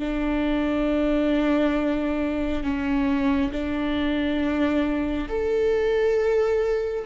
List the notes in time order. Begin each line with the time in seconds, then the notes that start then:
0.00 D4
2.64 C#4
3.52 D4
5.29 A4